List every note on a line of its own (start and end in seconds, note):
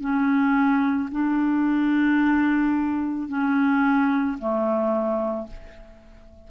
0.00 1.09 C#4
1.11 3.28 D4
3.28 4.37 C#4
4.38 5.47 A3